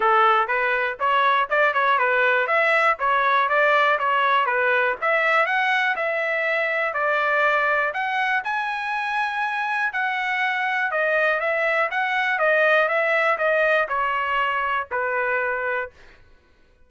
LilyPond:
\new Staff \with { instrumentName = "trumpet" } { \time 4/4 \tempo 4 = 121 a'4 b'4 cis''4 d''8 cis''8 | b'4 e''4 cis''4 d''4 | cis''4 b'4 e''4 fis''4 | e''2 d''2 |
fis''4 gis''2. | fis''2 dis''4 e''4 | fis''4 dis''4 e''4 dis''4 | cis''2 b'2 | }